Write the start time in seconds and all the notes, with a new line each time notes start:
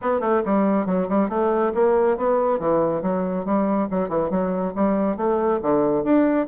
0.01 B3
0.20 A3
0.45 G3
0.86 F#3
1.08 G3
1.29 A3
1.74 A#3
2.17 B3
2.59 E3
3.02 F#3
3.45 G3
3.90 F#3
4.08 E3
4.30 F#3
4.75 G3
5.16 A3
5.62 D3
6.03 D4